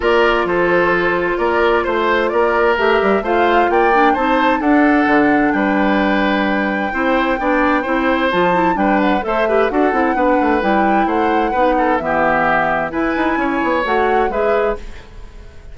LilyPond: <<
  \new Staff \with { instrumentName = "flute" } { \time 4/4 \tempo 4 = 130 d''4 c''2 d''4 | c''4 d''4 e''4 f''4 | g''4 a''4 fis''2 | g''1~ |
g''2 a''4 g''8 fis''8 | e''4 fis''2 g''4 | fis''2 e''2 | gis''2 fis''4 e''4 | }
  \new Staff \with { instrumentName = "oboe" } { \time 4/4 ais'4 a'2 ais'4 | c''4 ais'2 c''4 | d''4 c''4 a'2 | b'2. c''4 |
d''4 c''2 b'4 | c''8 b'8 a'4 b'2 | c''4 b'8 a'8 g'2 | b'4 cis''2 b'4 | }
  \new Staff \with { instrumentName = "clarinet" } { \time 4/4 f'1~ | f'2 g'4 f'4~ | f'8 d'8 dis'4 d'2~ | d'2. e'4 |
d'4 e'4 f'8 e'8 d'4 | a'8 g'8 fis'8 e'8 d'4 e'4~ | e'4 dis'4 b2 | e'2 fis'4 gis'4 | }
  \new Staff \with { instrumentName = "bassoon" } { \time 4/4 ais4 f2 ais4 | a4 ais4 a8 g8 a4 | ais4 c'4 d'4 d4 | g2. c'4 |
b4 c'4 f4 g4 | a4 d'8 c'8 b8 a8 g4 | a4 b4 e2 | e'8 dis'8 cis'8 b8 a4 gis4 | }
>>